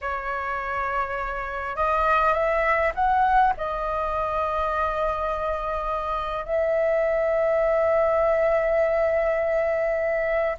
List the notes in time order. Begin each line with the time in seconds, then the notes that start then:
0.01 C#5
1.75 D#5
2.33 E5
2.94 F#5
3.57 D#5
6.45 E5